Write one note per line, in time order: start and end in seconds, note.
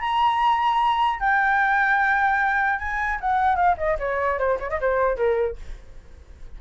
0.00 1.20 A#5
1.20 2.79 G5
2.79 3.19 G#5
3.20 3.56 F#5
3.56 3.76 F5
3.77 3.97 D#5
3.99 4.39 C#5
4.39 4.59 C5
4.60 4.70 C#5
4.70 4.80 D#5
4.81 5.16 C5
5.16 5.56 A#4